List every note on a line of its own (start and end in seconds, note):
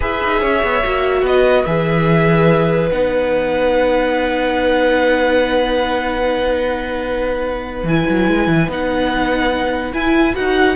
0.00 0.21 E4
0.00 0.82 G#4
0.00 0.40 B4
0.00 1.26 E5
0.23 0.42 D#4
0.40 0.62 C#4
0.40 1.23 C#5
0.63 0.83 B3
0.83 1.22 A#3
0.83 1.66 F#4
1.22 1.64 B3
1.22 10.76 B4
1.22 1.65 D#5
1.65 2.90 E3
1.65 2.90 G#4
1.65 2.89 E5
2.90 7.83 B3
2.90 7.87 D#4
2.90 7.86 F#5
7.83 8.04 E3
7.83 8.69 E4
7.83 8.69 G#5
8.09 8.28 F#3
8.28 8.47 G#3
8.47 8.68 E3
8.68 9.92 B3
8.68 9.93 D#4
8.68 9.93 F#5
9.93 10.34 E4
9.93 10.34 G#5
10.34 10.76 D#4
10.34 10.75 F#4
10.34 10.76 F#5